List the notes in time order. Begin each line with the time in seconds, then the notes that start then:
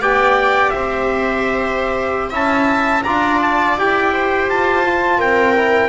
0.00 B3 G4 D5 G5
0.70 C4 C5 E5
2.30 C#4 E4 E5 A5
3.03 D4 F4 D5 A#5
3.42 A5
3.77 E4 G4 G5
4.12 C5
4.48 F4 A5
4.85 F4
5.18 C4 A#4 G5
5.56 E4